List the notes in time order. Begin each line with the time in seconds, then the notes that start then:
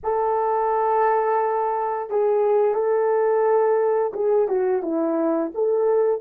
0.03 A4
2.09 G#4
2.74 A4
4.13 G#4
4.48 F#4
4.82 E4
5.54 A4